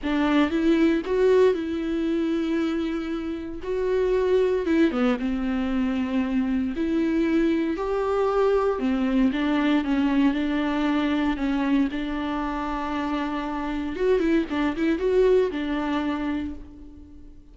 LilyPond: \new Staff \with { instrumentName = "viola" } { \time 4/4 \tempo 4 = 116 d'4 e'4 fis'4 e'4~ | e'2. fis'4~ | fis'4 e'8 b8 c'2~ | c'4 e'2 g'4~ |
g'4 c'4 d'4 cis'4 | d'2 cis'4 d'4~ | d'2. fis'8 e'8 | d'8 e'8 fis'4 d'2 | }